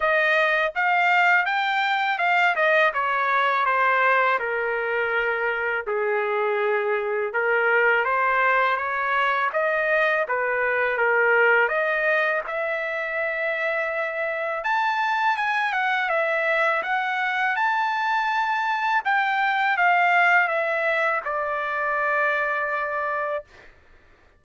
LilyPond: \new Staff \with { instrumentName = "trumpet" } { \time 4/4 \tempo 4 = 82 dis''4 f''4 g''4 f''8 dis''8 | cis''4 c''4 ais'2 | gis'2 ais'4 c''4 | cis''4 dis''4 b'4 ais'4 |
dis''4 e''2. | a''4 gis''8 fis''8 e''4 fis''4 | a''2 g''4 f''4 | e''4 d''2. | }